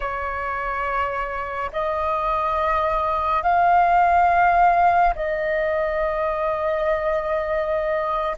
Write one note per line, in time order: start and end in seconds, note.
0.00 1.70 C#5
1.72 3.42 D#5
3.42 5.14 F5
5.15 8.36 D#5